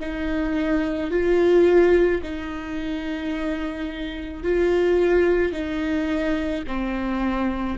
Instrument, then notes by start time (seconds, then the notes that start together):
viola
0.00 D#4
1.11 F4
2.23 D#4
4.44 F4
5.53 D#4
6.68 C4